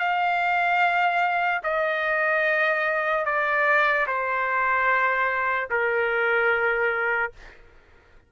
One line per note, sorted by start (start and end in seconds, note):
0.00 1.62 F5
1.64 3.26 D#5
3.26 4.07 D5
4.07 5.69 C5
5.71 7.33 A#4